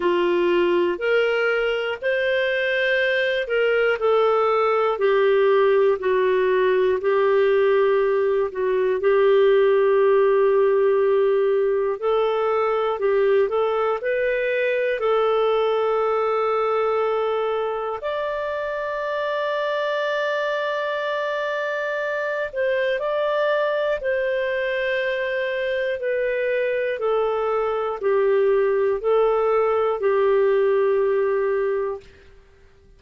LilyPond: \new Staff \with { instrumentName = "clarinet" } { \time 4/4 \tempo 4 = 60 f'4 ais'4 c''4. ais'8 | a'4 g'4 fis'4 g'4~ | g'8 fis'8 g'2. | a'4 g'8 a'8 b'4 a'4~ |
a'2 d''2~ | d''2~ d''8 c''8 d''4 | c''2 b'4 a'4 | g'4 a'4 g'2 | }